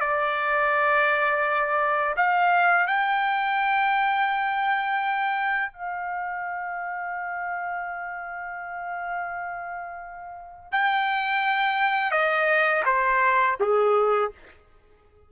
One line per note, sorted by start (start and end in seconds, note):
0.00 2.14 D5
2.17 2.87 F5
2.87 5.72 G5
5.72 10.72 F5
10.72 12.11 G5
12.11 12.82 D#5
12.85 13.56 C5
13.60 14.31 G#4